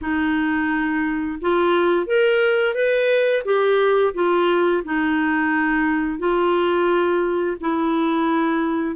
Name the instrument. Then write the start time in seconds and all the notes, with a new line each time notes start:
clarinet
0.01 D#4
1.41 F4
2.06 A#4
2.74 B4
3.45 G4
4.14 F4
4.84 D#4
6.18 F4
7.60 E4